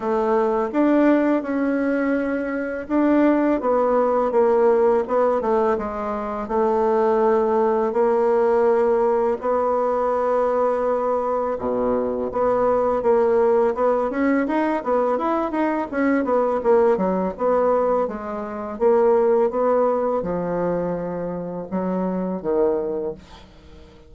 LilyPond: \new Staff \with { instrumentName = "bassoon" } { \time 4/4 \tempo 4 = 83 a4 d'4 cis'2 | d'4 b4 ais4 b8 a8 | gis4 a2 ais4~ | ais4 b2. |
b,4 b4 ais4 b8 cis'8 | dis'8 b8 e'8 dis'8 cis'8 b8 ais8 fis8 | b4 gis4 ais4 b4 | f2 fis4 dis4 | }